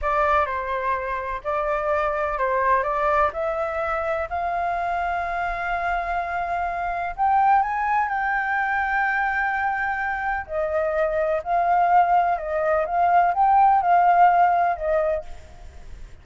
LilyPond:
\new Staff \with { instrumentName = "flute" } { \time 4/4 \tempo 4 = 126 d''4 c''2 d''4~ | d''4 c''4 d''4 e''4~ | e''4 f''2.~ | f''2. g''4 |
gis''4 g''2.~ | g''2 dis''2 | f''2 dis''4 f''4 | g''4 f''2 dis''4 | }